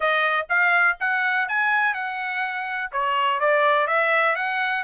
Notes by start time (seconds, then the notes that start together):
0.00 D#5
0.49 F5
1.00 F#5
1.48 G#5
1.94 F#5
2.92 C#5
3.40 D5
3.87 E5
4.35 F#5